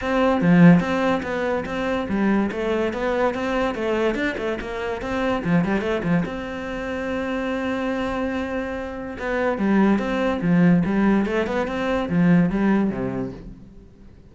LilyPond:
\new Staff \with { instrumentName = "cello" } { \time 4/4 \tempo 4 = 144 c'4 f4 c'4 b4 | c'4 g4 a4 b4 | c'4 a4 d'8 a8 ais4 | c'4 f8 g8 a8 f8 c'4~ |
c'1~ | c'2 b4 g4 | c'4 f4 g4 a8 b8 | c'4 f4 g4 c4 | }